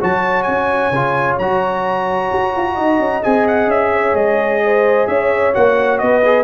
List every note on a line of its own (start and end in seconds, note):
0.00 0.47 F#3
0.00 0.93 F#4
0.00 2.73 C#5
0.00 0.42 A5
0.42 0.91 C#4
0.42 1.35 G#5
0.91 1.37 C#3
0.91 1.41 F4
1.38 2.31 F#3
1.38 3.23 F#4
1.38 3.23 A#5
2.32 2.55 F#4
2.56 2.76 F4
2.73 2.99 D#4
2.73 3.89 D#5
2.99 3.22 C#4
3.23 3.67 C4
3.23 5.53 G#4
3.23 3.46 G#5
3.47 3.70 F#5
3.67 4.13 C#4
3.67 4.15 E5
3.93 4.62 C#5
4.14 5.06 G#3
4.14 5.07 D#5
4.64 5.09 C5
5.07 5.54 C#4
5.07 6.01 C#5
5.07 5.53 E5
5.53 6.01 A#3
5.53 6.23 F#4
5.53 5.98 F#5
5.98 6.44 B3
5.98 6.44 B4
5.98 6.44 D#5
6.25 6.44 G#4